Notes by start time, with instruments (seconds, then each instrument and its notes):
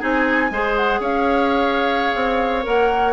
0.00 bassoon C4, clarinet D#4, oboe G#4, flute G#5
0.51 bassoon G#3, clarinet G#4, oboe C5
0.76 flute F#5
1.00 bassoon C#4, oboe C#5, flute F5
2.16 bassoon C4
2.63 bassoon A#3, clarinet A#4, flute F#5